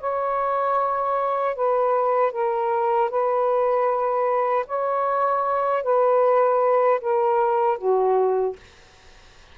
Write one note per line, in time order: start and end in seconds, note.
0.00 1.56 C#5
1.56 2.32 B4
2.32 3.10 A#4
3.10 4.66 B4
4.67 5.83 C#5
5.83 7.00 B4
7.01 7.78 A#4
7.78 8.56 F#4